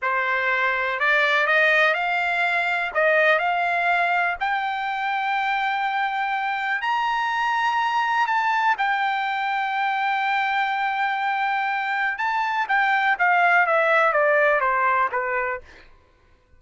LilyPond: \new Staff \with { instrumentName = "trumpet" } { \time 4/4 \tempo 4 = 123 c''2 d''4 dis''4 | f''2 dis''4 f''4~ | f''4 g''2.~ | g''2 ais''2~ |
ais''4 a''4 g''2~ | g''1~ | g''4 a''4 g''4 f''4 | e''4 d''4 c''4 b'4 | }